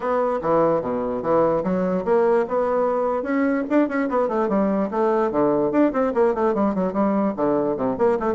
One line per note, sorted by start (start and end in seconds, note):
0.00 0.40 B3
0.41 0.81 E3
0.81 1.22 B2
1.22 1.63 E3
1.63 2.04 F#3
2.04 2.45 A#3
2.48 3.22 B3
3.22 3.63 C#4
3.69 3.88 D4
3.88 4.08 C#4
4.09 4.28 B3
4.28 4.48 A3
4.48 4.89 G3
4.90 5.31 A3
5.31 5.71 D3
5.71 5.91 D4
5.92 6.13 C4
6.13 6.34 A#3
6.34 6.54 A3
6.54 6.74 G3
6.75 6.93 F#3
6.93 7.34 G3
7.36 7.76 D3
7.76 7.97 C3
7.98 8.18 A#3
8.19 8.34 A3